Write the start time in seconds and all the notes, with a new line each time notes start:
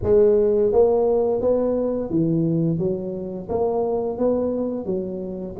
0.02 G#3
0.72 A#3
1.41 B3
2.10 E3
2.78 F#3
3.49 A#3
4.18 B3
4.85 F#3